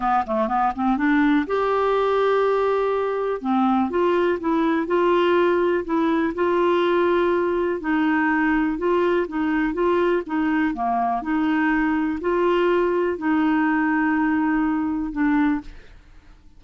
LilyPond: \new Staff \with { instrumentName = "clarinet" } { \time 4/4 \tempo 4 = 123 b8 a8 b8 c'8 d'4 g'4~ | g'2. c'4 | f'4 e'4 f'2 | e'4 f'2. |
dis'2 f'4 dis'4 | f'4 dis'4 ais4 dis'4~ | dis'4 f'2 dis'4~ | dis'2. d'4 | }